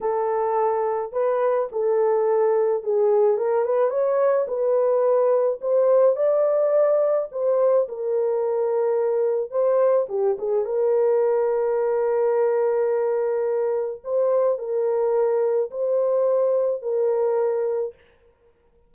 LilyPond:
\new Staff \with { instrumentName = "horn" } { \time 4/4 \tempo 4 = 107 a'2 b'4 a'4~ | a'4 gis'4 ais'8 b'8 cis''4 | b'2 c''4 d''4~ | d''4 c''4 ais'2~ |
ais'4 c''4 g'8 gis'8 ais'4~ | ais'1~ | ais'4 c''4 ais'2 | c''2 ais'2 | }